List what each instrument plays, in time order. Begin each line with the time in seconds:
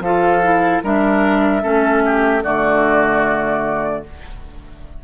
0.00 bassoon F3, clarinet F4, oboe A4, flute F5
0.43 clarinet E4
0.84 bassoon G3, clarinet D4, oboe A#4, flute E5
1.62 bassoon A3, clarinet C#4, oboe A4
2.05 oboe G4
2.44 bassoon D3, clarinet A3, oboe F#4, flute D5